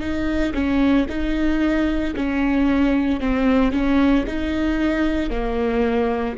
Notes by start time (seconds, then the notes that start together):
0.00 D#4
0.54 C#4
1.09 D#4
2.16 C#4
3.20 C4
3.72 C#4
4.26 D#4
5.30 A#3